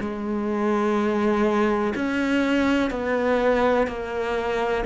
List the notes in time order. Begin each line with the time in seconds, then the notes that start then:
0.00 G#3
1.96 C#4
2.91 B3
3.88 A#3